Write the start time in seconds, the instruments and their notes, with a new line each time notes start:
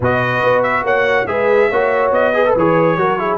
0.00 tuba B2, trombone F#4, horn B4, trumpet D#5
0.43 tuba B3
0.62 trumpet E5
0.83 tuba A#3, horn C#5, trumpet F#5
1.27 tuba G#3, trombone G#4, horn B4, trumpet E5
1.69 tuba A#3, trombone F#4, horn C#5
2.11 tuba B3, trumpet D#5
2.34 trombone G#4, horn B4
2.45 trombone A4
2.55 tuba E3, trombone G#4, trumpet C#5
2.97 tuba F#3, trombone F#4, horn A#4
3.18 trombone E4, horn G#4